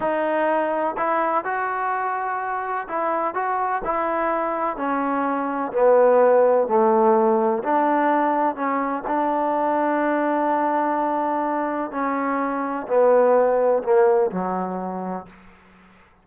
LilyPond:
\new Staff \with { instrumentName = "trombone" } { \time 4/4 \tempo 4 = 126 dis'2 e'4 fis'4~ | fis'2 e'4 fis'4 | e'2 cis'2 | b2 a2 |
d'2 cis'4 d'4~ | d'1~ | d'4 cis'2 b4~ | b4 ais4 fis2 | }